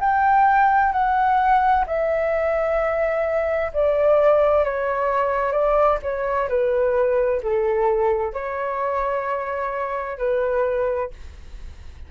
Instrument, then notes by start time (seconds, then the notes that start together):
flute
0.00 G5
0.92 F#5
1.87 E5
3.73 D5
4.64 C#5
5.52 D5
6.03 C#5
6.49 B4
7.43 A4
8.33 C#5
10.18 B4